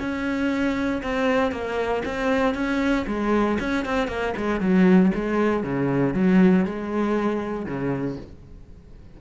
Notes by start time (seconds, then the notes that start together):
0.00 C#4
1.03 C4
1.52 A#3
2.06 C4
2.55 C#4
3.07 G#3
3.60 C#4
3.85 C4
4.08 A#3
4.37 G#3
4.61 F#3
5.15 G#3
5.64 C#3
6.14 F#3
6.66 G#3
7.66 C#3